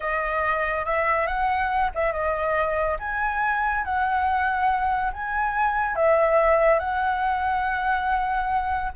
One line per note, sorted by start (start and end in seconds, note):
0.00 0.85 D#5
0.85 1.26 E5
1.26 1.90 F#5
1.95 2.12 E5
2.12 2.97 D#5
2.99 3.84 G#5
3.84 5.12 F#5
5.12 5.95 G#5
5.95 6.79 E5
6.79 8.92 F#5